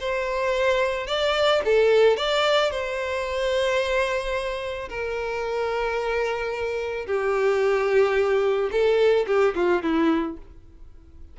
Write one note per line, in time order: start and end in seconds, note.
0.00 1.07 C5
1.07 1.62 D5
1.65 2.17 A4
2.17 2.71 D5
2.71 4.89 C5
4.89 7.07 A#4
7.07 8.70 G4
8.72 9.26 A4
9.27 9.54 G4
9.56 9.83 F4
9.83 10.37 E4